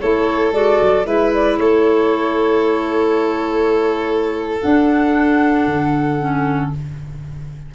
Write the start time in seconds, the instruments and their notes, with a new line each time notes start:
0.00 tuba A3, clarinet E4, violin A4, flute C#5
0.53 tuba G#3, clarinet F#4, flute D5
0.81 tuba F#3
1.05 tuba G#3, clarinet E4, violin B4, flute E5
1.33 flute D5
1.58 tuba A3, violin A4, flute C#5
4.61 clarinet D4, tuba D4, flute F#5
5.66 tuba D3
6.19 clarinet C#4